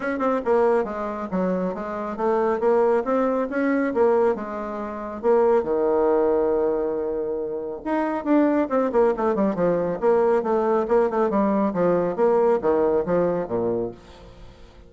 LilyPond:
\new Staff \with { instrumentName = "bassoon" } { \time 4/4 \tempo 4 = 138 cis'8 c'8 ais4 gis4 fis4 | gis4 a4 ais4 c'4 | cis'4 ais4 gis2 | ais4 dis2.~ |
dis2 dis'4 d'4 | c'8 ais8 a8 g8 f4 ais4 | a4 ais8 a8 g4 f4 | ais4 dis4 f4 ais,4 | }